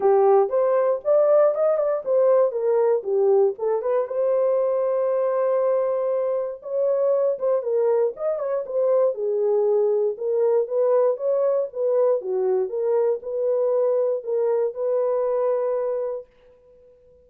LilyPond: \new Staff \with { instrumentName = "horn" } { \time 4/4 \tempo 4 = 118 g'4 c''4 d''4 dis''8 d''8 | c''4 ais'4 g'4 a'8 b'8 | c''1~ | c''4 cis''4. c''8 ais'4 |
dis''8 cis''8 c''4 gis'2 | ais'4 b'4 cis''4 b'4 | fis'4 ais'4 b'2 | ais'4 b'2. | }